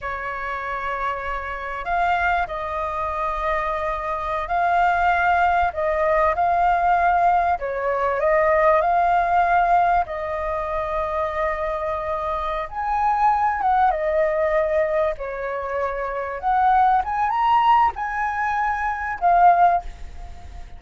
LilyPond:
\new Staff \with { instrumentName = "flute" } { \time 4/4 \tempo 4 = 97 cis''2. f''4 | dis''2.~ dis''16 f''8.~ | f''4~ f''16 dis''4 f''4.~ f''16~ | f''16 cis''4 dis''4 f''4.~ f''16~ |
f''16 dis''2.~ dis''8.~ | dis''8 gis''4. fis''8 dis''4.~ | dis''8 cis''2 fis''4 gis''8 | ais''4 gis''2 f''4 | }